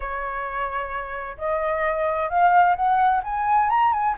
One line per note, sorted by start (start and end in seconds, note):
0.00 1.36 C#5
1.37 2.29 D#5
2.29 2.75 F5
2.76 3.22 F#5
3.23 3.69 G#5
3.69 3.92 A#5
3.92 4.15 G#5